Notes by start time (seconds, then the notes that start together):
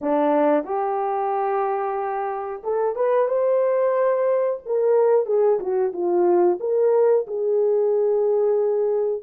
0.01 D4
0.64 G4
2.63 A4
2.95 B4
3.28 C5
4.65 A#4
5.26 G#4
5.59 F#4
5.92 F4
6.59 A#4
7.27 G#4